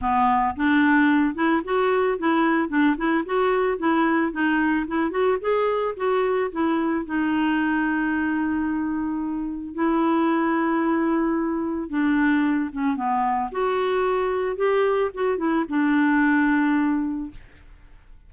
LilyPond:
\new Staff \with { instrumentName = "clarinet" } { \time 4/4 \tempo 4 = 111 b4 d'4. e'8 fis'4 | e'4 d'8 e'8 fis'4 e'4 | dis'4 e'8 fis'8 gis'4 fis'4 | e'4 dis'2.~ |
dis'2 e'2~ | e'2 d'4. cis'8 | b4 fis'2 g'4 | fis'8 e'8 d'2. | }